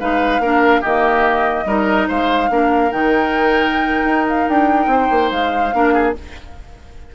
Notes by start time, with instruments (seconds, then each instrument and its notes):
0.00 bassoon G#3, clarinet D#4, oboe B4, flute F5
0.40 bassoon A#3, clarinet D4, oboe A#4
0.81 bassoon D#3, clarinet A#3, oboe G4, flute D#5
1.65 bassoon G3, clarinet D#4, oboe A#4
2.08 bassoon G#3, oboe C5, flute F5
2.50 bassoon A#3, clarinet D4, oboe A#4
2.91 bassoon D#3, clarinet D#4, flute G5
4.05 bassoon D#4
4.28 flute F5
4.49 bassoon D4, flute G5
4.87 bassoon C4, oboe C5
5.11 bassoon A#3
5.32 bassoon G#3, flute F5
5.73 bassoon A#3, clarinet D4, oboe A#4
5.94 oboe G#4